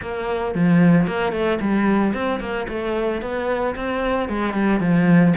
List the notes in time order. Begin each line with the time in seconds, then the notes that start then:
0.01 A#3
0.55 F3
1.06 A#3
1.32 A3
1.60 G3
2.13 C4
2.40 A#3
2.68 A3
3.21 B3
3.75 C4
4.29 G#3
4.53 G3
4.79 F3